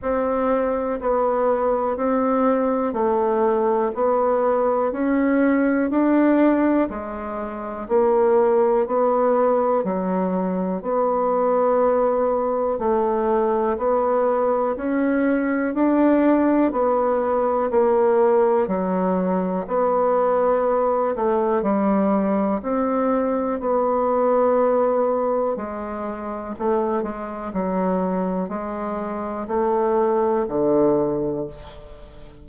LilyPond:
\new Staff \with { instrumentName = "bassoon" } { \time 4/4 \tempo 4 = 61 c'4 b4 c'4 a4 | b4 cis'4 d'4 gis4 | ais4 b4 fis4 b4~ | b4 a4 b4 cis'4 |
d'4 b4 ais4 fis4 | b4. a8 g4 c'4 | b2 gis4 a8 gis8 | fis4 gis4 a4 d4 | }